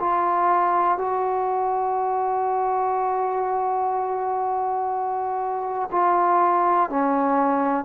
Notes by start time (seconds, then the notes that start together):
0.00 F4
0.98 F#4
5.92 F4
6.90 C#4